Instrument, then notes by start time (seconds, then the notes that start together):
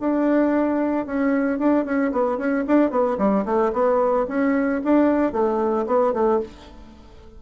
bassoon
0.00 D4
1.06 C#4
1.59 D4
1.84 C#4
2.12 B3
2.37 C#4
2.67 D4
2.90 B3
3.18 G3
3.45 A3
3.73 B3
4.28 C#4
4.84 D4
5.32 A3
5.86 B3
6.13 A3